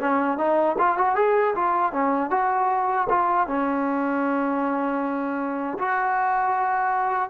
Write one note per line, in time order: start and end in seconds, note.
0.00 0.37 C#4
0.37 0.76 D#4
0.78 0.98 F4
0.98 1.16 F#4
1.16 1.54 G#4
1.55 1.92 F4
1.92 2.30 C#4
2.30 3.07 F#4
3.09 3.47 F4
3.47 5.78 C#4
5.78 7.29 F#4